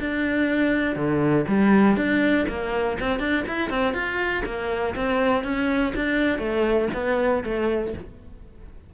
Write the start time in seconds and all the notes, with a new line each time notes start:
0.00 D4
0.96 D3
1.48 G3
1.97 D4
2.49 A#3
3.00 C4
3.20 D4
3.48 E4
3.70 C4
3.94 F4
4.46 A#3
4.96 C4
5.44 C#4
5.96 D4
6.39 A3
6.94 B3
7.44 A3